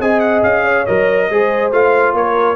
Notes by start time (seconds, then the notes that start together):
0.00 C4 G#4 D#5 G#5
0.20 F#5
0.43 C#4 F5
0.64 C#5
0.86 F#3 A#4 D#5
1.30 G#3 G#4 C5
1.72 A3 F4 F5
2.13 A#3 A#4 C#5